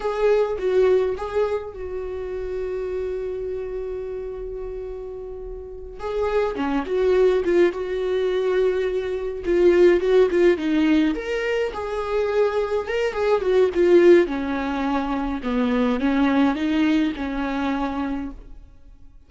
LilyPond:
\new Staff \with { instrumentName = "viola" } { \time 4/4 \tempo 4 = 105 gis'4 fis'4 gis'4 fis'4~ | fis'1~ | fis'2~ fis'8 gis'4 cis'8 | fis'4 f'8 fis'2~ fis'8~ |
fis'8 f'4 fis'8 f'8 dis'4 ais'8~ | ais'8 gis'2 ais'8 gis'8 fis'8 | f'4 cis'2 b4 | cis'4 dis'4 cis'2 | }